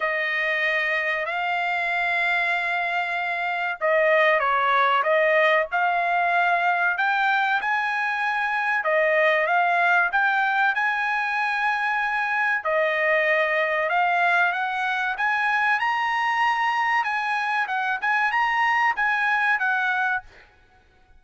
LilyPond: \new Staff \with { instrumentName = "trumpet" } { \time 4/4 \tempo 4 = 95 dis''2 f''2~ | f''2 dis''4 cis''4 | dis''4 f''2 g''4 | gis''2 dis''4 f''4 |
g''4 gis''2. | dis''2 f''4 fis''4 | gis''4 ais''2 gis''4 | fis''8 gis''8 ais''4 gis''4 fis''4 | }